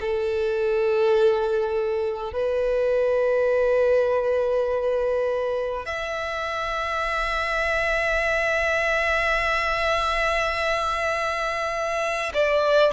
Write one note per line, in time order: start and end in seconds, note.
0.00 2.33 A4
2.33 5.85 B4
5.85 12.32 E5
12.34 12.92 D5